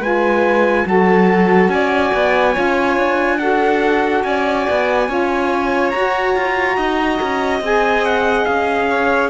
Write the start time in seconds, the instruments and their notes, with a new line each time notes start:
0.00 cello G#3, saxophone F4, violin B4, trumpet G#5
0.86 cello F#3, saxophone F#4, violin A4, trumpet A5
1.68 cello C#4, violin D5, trumpet G#5
2.14 cello B3
2.53 cello C#4, saxophone F4, violin C#5
2.97 cello D4
3.39 saxophone F#4, violin A4, trumpet F#5
4.23 cello C#4, violin D5, trumpet G#5
4.70 cello B3
5.08 cello C#4, saxophone F4, violin C#5
5.90 saxophone F#4, cello F#4, trumpet A#5
6.36 cello F4
6.77 cello D#4, violin D#5
7.22 cello C#4
7.61 cello C4, saxophone G#4, trumpet G#5
8.05 trumpet F#5
8.46 cello C#4, trumpet F5
8.90 violin C#5